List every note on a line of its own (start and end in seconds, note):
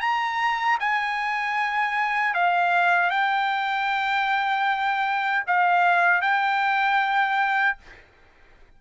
0.00 0.78 A#5
0.80 2.34 G#5
2.34 3.10 F5
3.10 5.44 G5
5.47 6.21 F5
6.21 7.77 G5